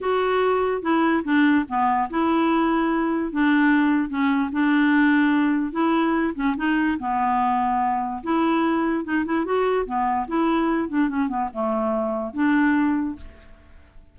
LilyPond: \new Staff \with { instrumentName = "clarinet" } { \time 4/4 \tempo 4 = 146 fis'2 e'4 d'4 | b4 e'2. | d'2 cis'4 d'4~ | d'2 e'4. cis'8 |
dis'4 b2. | e'2 dis'8 e'8 fis'4 | b4 e'4. d'8 cis'8 b8 | a2 d'2 | }